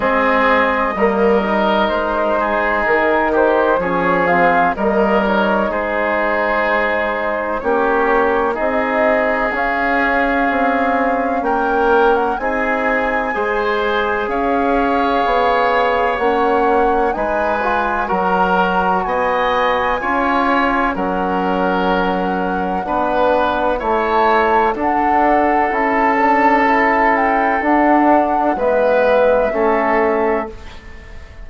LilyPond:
<<
  \new Staff \with { instrumentName = "flute" } { \time 4/4 \tempo 4 = 63 dis''2 c''4 ais'8 c''8 | cis''8 f''8 dis''8 cis''8 c''2 | cis''4 dis''4 f''2 | g''8. fis''16 gis''2 f''4~ |
f''4 fis''4 gis''4 ais''4 | gis''2 fis''2~ | fis''4 a''4 fis''4 a''4~ | a''8 g''8 fis''4 e''2 | }
  \new Staff \with { instrumentName = "oboe" } { \time 4/4 gis'4 ais'4. gis'4 g'8 | gis'4 ais'4 gis'2 | g'4 gis'2. | ais'4 gis'4 c''4 cis''4~ |
cis''2 b'4 ais'4 | dis''4 cis''4 ais'2 | b'4 cis''4 a'2~ | a'2 b'4 a'4 | }
  \new Staff \with { instrumentName = "trombone" } { \time 4/4 c'4 ais8 dis'2~ dis'8 | cis'8 c'8 ais8 dis'2~ dis'8 | cis'4 dis'4 cis'2~ | cis'4 dis'4 gis'2~ |
gis'4 cis'4 dis'8 f'8 fis'4~ | fis'4 f'4 cis'2 | d'4 e'4 d'4 e'8 d'8 | e'4 d'4 b4 cis'4 | }
  \new Staff \with { instrumentName = "bassoon" } { \time 4/4 gis4 g4 gis4 dis4 | f4 g4 gis2 | ais4 c'4 cis'4 c'4 | ais4 c'4 gis4 cis'4 |
b4 ais4 gis4 fis4 | b4 cis'4 fis2 | b4 a4 d'4 cis'4~ | cis'4 d'4 gis4 a4 | }
>>